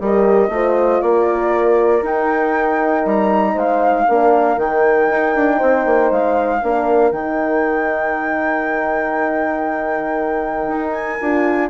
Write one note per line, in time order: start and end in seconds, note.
0.00 0.49 G3
0.00 0.51 G4
0.00 0.51 A#4
0.00 1.01 D#5
0.49 1.00 A3
0.49 2.04 F4
0.49 1.04 C5
1.01 2.02 A#3
1.01 3.53 A#4
1.01 2.03 D5
2.02 3.03 D#4
2.02 4.07 D#4
2.02 3.07 G5
3.05 3.55 G3
3.05 3.58 A#5
3.53 4.06 G#3
3.53 4.04 C5
3.53 4.58 F5
4.07 4.56 A#3
4.07 4.57 D4
4.07 5.57 A#4
4.56 5.07 D#3
4.56 6.60 D#4
4.56 6.11 G5
5.10 5.35 D#4
5.35 5.61 D4
5.57 5.85 C4
5.57 6.58 C5
5.85 6.11 A#3
6.11 6.62 G#3
6.11 7.11 F5
6.62 7.11 A#3
6.62 7.13 D4
6.62 11.70 A#4
7.11 10.67 D#3
7.11 11.20 D#4
7.11 10.91 G5
10.67 11.18 D#4
10.91 11.67 G#5
11.21 11.70 D4
11.21 11.70 F4